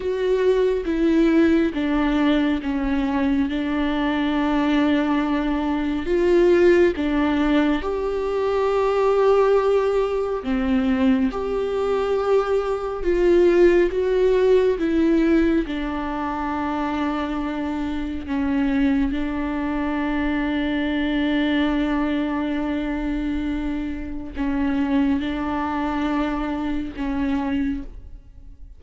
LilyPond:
\new Staff \with { instrumentName = "viola" } { \time 4/4 \tempo 4 = 69 fis'4 e'4 d'4 cis'4 | d'2. f'4 | d'4 g'2. | c'4 g'2 f'4 |
fis'4 e'4 d'2~ | d'4 cis'4 d'2~ | d'1 | cis'4 d'2 cis'4 | }